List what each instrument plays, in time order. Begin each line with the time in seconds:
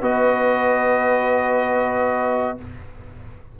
0.00 tuba B3, trombone F#4, horn B4, trumpet D#5